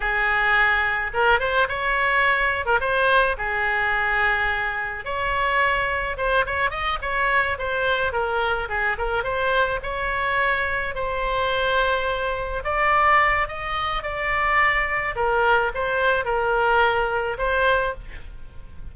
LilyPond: \new Staff \with { instrumentName = "oboe" } { \time 4/4 \tempo 4 = 107 gis'2 ais'8 c''8 cis''4~ | cis''8. ais'16 c''4 gis'2~ | gis'4 cis''2 c''8 cis''8 | dis''8 cis''4 c''4 ais'4 gis'8 |
ais'8 c''4 cis''2 c''8~ | c''2~ c''8 d''4. | dis''4 d''2 ais'4 | c''4 ais'2 c''4 | }